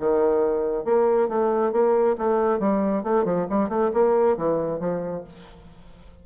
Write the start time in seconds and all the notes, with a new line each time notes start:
0.00 D#3
0.85 A#3
1.29 A3
1.72 A#3
2.18 A3
2.60 G3
3.04 A3
3.25 F3
3.50 G3
3.69 A3
3.94 A#3
4.37 E3
4.80 F3